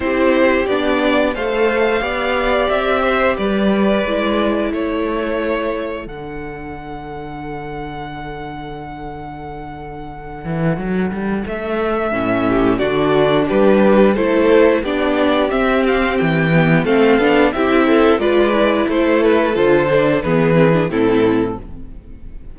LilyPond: <<
  \new Staff \with { instrumentName = "violin" } { \time 4/4 \tempo 4 = 89 c''4 d''4 f''2 | e''4 d''2 cis''4~ | cis''4 fis''2.~ | fis''1~ |
fis''4 e''2 d''4 | b'4 c''4 d''4 e''8 f''8 | g''4 f''4 e''4 d''4 | c''8 b'8 c''4 b'4 a'4 | }
  \new Staff \with { instrumentName = "violin" } { \time 4/4 g'2 c''4 d''4~ | d''8 c''8 b'2 a'4~ | a'1~ | a'1~ |
a'2~ a'8 g'8 fis'4 | g'4 a'4 g'2~ | g'4 a'4 g'8 a'8 b'4 | a'2 gis'4 e'4 | }
  \new Staff \with { instrumentName = "viola" } { \time 4/4 e'4 d'4 a'4 g'4~ | g'2 e'2~ | e'4 d'2.~ | d'1~ |
d'2 cis'4 d'4~ | d'4 e'4 d'4 c'4~ | c'8 b8 c'8 d'8 e'4 f'8 e'8~ | e'4 f'8 d'8 b8 c'16 d'16 c'4 | }
  \new Staff \with { instrumentName = "cello" } { \time 4/4 c'4 b4 a4 b4 | c'4 g4 gis4 a4~ | a4 d2.~ | d2.~ d8 e8 |
fis8 g8 a4 a,4 d4 | g4 a4 b4 c'4 | e4 a8 b8 c'4 gis4 | a4 d4 e4 a,4 | }
>>